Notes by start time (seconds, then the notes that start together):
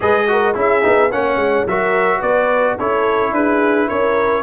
0.00 G#3 G#4 B4 D#5
0.27 F#4 A#4
0.54 C#4 E4 G#4 E5
0.82 B3 D#4
1.11 A#3 C#4 C#5 F#5
1.35 G#3
1.66 F#3 F#4 A#4 E5
2.18 B3 B4 D5
2.77 C#4 E4 A4 C#5
3.32 D4 G#4 B4
3.88 C#4 A#4 C#5